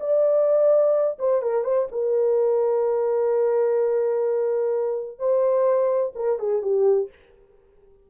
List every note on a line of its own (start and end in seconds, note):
0.00 1.18 D5
1.19 1.42 C5
1.42 1.64 A#4
1.64 1.88 C5
1.92 5.19 A#4
5.19 6.14 C5
6.16 6.39 A#4
6.39 6.62 G#4
6.62 7.10 G4